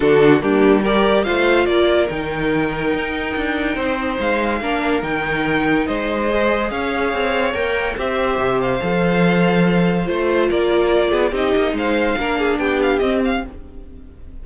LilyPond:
<<
  \new Staff \with { instrumentName = "violin" } { \time 4/4 \tempo 4 = 143 a'4 g'4 d''4 f''4 | d''4 g''2.~ | g''2 f''2 | g''2 dis''2 |
f''2 g''4 e''4~ | e''8 f''2.~ f''8 | c''4 d''2 dis''4 | f''2 g''8 f''8 dis''8 f''8 | }
  \new Staff \with { instrumentName = "violin" } { \time 4/4 fis'4 d'4 ais'4 c''4 | ais'1~ | ais'4 c''2 ais'4~ | ais'2 c''2 |
cis''2. c''4~ | c''1~ | c''4 ais'4. gis'8 g'4 | c''4 ais'8 gis'8 g'2 | }
  \new Staff \with { instrumentName = "viola" } { \time 4/4 d'4 ais4 g'4 f'4~ | f'4 dis'2.~ | dis'2. d'4 | dis'2. gis'4~ |
gis'2 ais'4 g'4~ | g'4 a'2. | f'2. dis'4~ | dis'4 d'2 c'4 | }
  \new Staff \with { instrumentName = "cello" } { \time 4/4 d4 g2 a4 | ais4 dis2 dis'4 | d'4 c'4 gis4 ais4 | dis2 gis2 |
cis'4 c'4 ais4 c'4 | c4 f2. | a4 ais4. b8 c'8 ais8 | gis4 ais4 b4 c'4 | }
>>